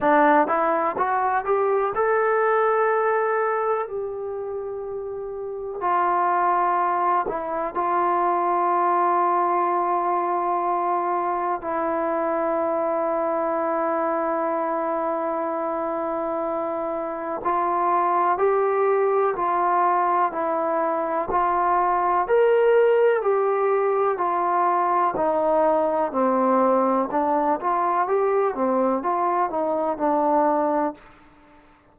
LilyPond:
\new Staff \with { instrumentName = "trombone" } { \time 4/4 \tempo 4 = 62 d'8 e'8 fis'8 g'8 a'2 | g'2 f'4. e'8 | f'1 | e'1~ |
e'2 f'4 g'4 | f'4 e'4 f'4 ais'4 | g'4 f'4 dis'4 c'4 | d'8 f'8 g'8 c'8 f'8 dis'8 d'4 | }